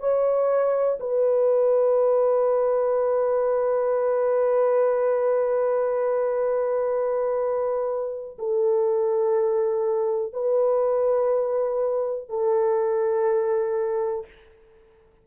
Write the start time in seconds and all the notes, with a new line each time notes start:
0.00 C#5
1.00 B4
8.39 A4
10.33 B4
12.30 A4